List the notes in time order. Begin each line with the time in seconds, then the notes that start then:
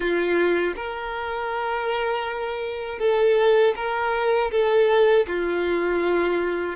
0.00 F4
0.76 A#4
2.99 A4
3.75 A#4
4.51 A4
5.27 F4